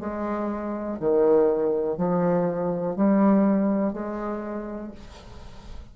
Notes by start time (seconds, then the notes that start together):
0.00 G#3
1.00 D#3
1.98 F3
2.96 G3
3.93 G#3